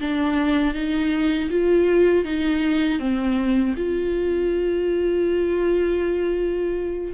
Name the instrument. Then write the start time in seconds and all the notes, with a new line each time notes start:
viola
0.00 D4
0.74 D#4
1.50 F4
2.24 D#4
2.99 C4
3.76 F4